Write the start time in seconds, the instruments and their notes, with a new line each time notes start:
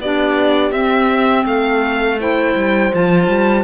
0.00 cello B3, clarinet D4, horn G4, violin D5
0.72 cello C4, clarinet C4, violin E5
1.45 cello A3, horn A4, violin F5
2.20 clarinet E4, horn C5, violin G5
2.55 cello G3
2.94 cello F3, clarinet F4, violin A5
3.28 cello G3